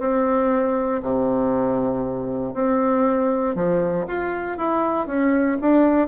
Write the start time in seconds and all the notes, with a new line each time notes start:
0.00 C4
1.03 C3
2.54 C4
3.55 F3
4.07 F4
4.58 E4
5.07 C#4
5.61 D4